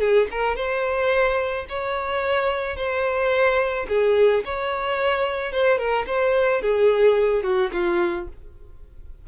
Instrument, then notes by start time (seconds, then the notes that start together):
violin
0.00 G#4
0.31 A#4
0.56 C5
1.69 C#5
2.76 C5
3.89 G#4
4.45 C#5
5.52 C5
5.78 A#4
6.07 C5
6.62 G#4
7.43 F#4
7.73 F4